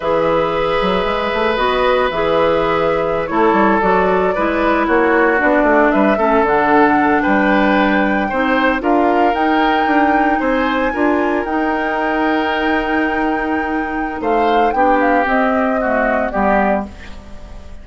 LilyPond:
<<
  \new Staff \with { instrumentName = "flute" } { \time 4/4 \tempo 4 = 114 e''2. dis''4 | e''2~ e''16 cis''4 d''8.~ | d''4~ d''16 cis''4 d''4 e''8.~ | e''16 fis''4. g''2~ g''16~ |
g''8. f''4 g''2 gis''16~ | gis''4.~ gis''16 g''2~ g''16~ | g''2. f''4 | g''8 f''8 dis''2 d''4 | }
  \new Staff \with { instrumentName = "oboe" } { \time 4/4 b'1~ | b'2~ b'16 a'4.~ a'16~ | a'16 b'4 fis'2 b'8 a'16~ | a'4.~ a'16 b'2 c''16~ |
c''8. ais'2. c''16~ | c''8. ais'2.~ ais'16~ | ais'2. c''4 | g'2 fis'4 g'4 | }
  \new Staff \with { instrumentName = "clarinet" } { \time 4/4 gis'2. fis'4 | gis'2~ gis'16 e'4 fis'8.~ | fis'16 e'2 d'4. cis'16~ | cis'16 d'2.~ d'8 dis'16~ |
dis'8. f'4 dis'2~ dis'16~ | dis'8. f'4 dis'2~ dis'16~ | dis'1 | d'4 c'4 a4 b4 | }
  \new Staff \with { instrumentName = "bassoon" } { \time 4/4 e4. fis8 gis8 a8 b4 | e2~ e16 a8 g8 fis8.~ | fis16 gis4 ais4 b8 a8 g8 a16~ | a16 d4. g2 c'16~ |
c'8. d'4 dis'4 d'4 c'16~ | c'8. d'4 dis'2~ dis'16~ | dis'2. a4 | b4 c'2 g4 | }
>>